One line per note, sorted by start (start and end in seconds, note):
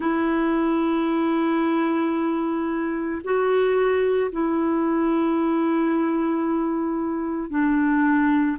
0.00 3.21 E4
3.23 4.31 F#4
4.31 7.50 E4
7.50 8.57 D4